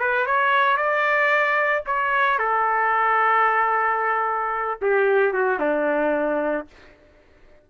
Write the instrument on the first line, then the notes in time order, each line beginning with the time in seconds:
trumpet
0.00 B4
0.26 C#5
0.77 D5
1.87 C#5
2.39 A4
4.82 G4
5.33 F#4
5.60 D4